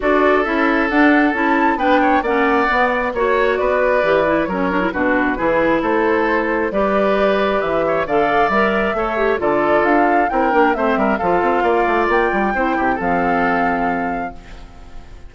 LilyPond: <<
  \new Staff \with { instrumentName = "flute" } { \time 4/4 \tempo 4 = 134 d''4 e''4 fis''4 a''4 | g''4 fis''2 cis''4 | d''2 cis''4 b'4~ | b'4 c''2 d''4~ |
d''4 e''4 f''4 e''4~ | e''4 d''4 f''4 g''4 | e''4 f''2 g''4~ | g''4 f''2. | }
  \new Staff \with { instrumentName = "oboe" } { \time 4/4 a'1 | b'8 cis''8 d''2 cis''4 | b'2 ais'4 fis'4 | gis'4 a'2 b'4~ |
b'4. cis''8 d''2 | cis''4 a'2 ais'4 | c''8 ais'8 a'4 d''2 | c''8 g'8 a'2. | }
  \new Staff \with { instrumentName = "clarinet" } { \time 4/4 fis'4 e'4 d'4 e'4 | d'4 cis'4 b4 fis'4~ | fis'4 g'8 e'8 cis'8 d'16 e'16 d'4 | e'2. g'4~ |
g'2 a'4 ais'4 | a'8 g'8 f'2 e'8 d'8 | c'4 f'2. | e'4 c'2. | }
  \new Staff \with { instrumentName = "bassoon" } { \time 4/4 d'4 cis'4 d'4 cis'4 | b4 ais4 b4 ais4 | b4 e4 fis4 b,4 | e4 a2 g4~ |
g4 e4 d4 g4 | a4 d4 d'4 c'8 ais8 | a8 g8 f8 c'8 ais8 a8 ais8 g8 | c'8 c8 f2. | }
>>